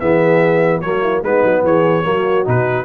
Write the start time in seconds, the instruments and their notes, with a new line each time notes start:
0.00 tuba E3, trombone B3, horn G#4, trumpet E5
0.81 tuba F#3, trombone A#3, horn F#4, trumpet C#5
1.03 horn E4
1.23 tuba G#3, trombone B3, horn D#4, trumpet B4
1.44 tuba F#3
1.64 tuba E3, horn G#4, trumpet C#5
2.04 tuba F#3, trombone A#3, horn F#4
2.45 tuba B2, trombone D#4, trumpet B4